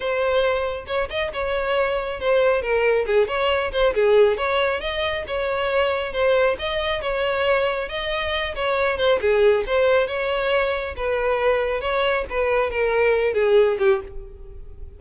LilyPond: \new Staff \with { instrumentName = "violin" } { \time 4/4 \tempo 4 = 137 c''2 cis''8 dis''8 cis''4~ | cis''4 c''4 ais'4 gis'8 cis''8~ | cis''8 c''8 gis'4 cis''4 dis''4 | cis''2 c''4 dis''4 |
cis''2 dis''4. cis''8~ | cis''8 c''8 gis'4 c''4 cis''4~ | cis''4 b'2 cis''4 | b'4 ais'4. gis'4 g'8 | }